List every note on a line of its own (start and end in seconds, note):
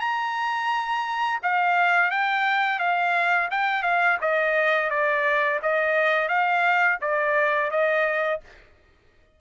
0.00 1.40 A#5
1.43 2.11 F5
2.11 2.79 G5
2.79 3.49 F5
3.51 3.83 G5
3.83 4.18 F5
4.21 4.90 D#5
4.90 5.60 D5
5.62 6.29 D#5
6.29 6.98 F5
7.01 7.71 D5
7.71 8.41 D#5